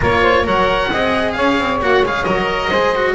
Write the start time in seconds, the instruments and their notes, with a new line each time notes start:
0.00 double bass A#3, cello F4, saxophone A#4, oboe C#5
0.21 saxophone C5
0.44 double bass F#3, cello A#4, saxophone C#5, oboe F#5
0.92 double bass C4, cello G#4, saxophone D#5
1.32 double bass C#4, saxophone C#5, oboe F5
1.58 double bass C4
1.80 double bass A#3, cello F#4, oboe F#5
2.02 double bass G#3, cello G#4, oboe F5
2.24 double bass F#3, cello A#4, oboe D#5
2.69 double bass G#3, cello G#4, saxophone C5
2.95 cello F#4